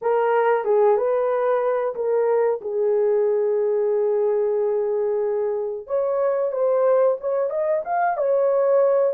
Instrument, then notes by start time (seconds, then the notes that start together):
horn
0.01 A#4
0.64 G#4
0.97 B4
1.95 A#4
2.61 G#4
5.86 C#5
6.52 C5
7.20 C#5
7.49 D#5
7.84 F5
8.17 C#5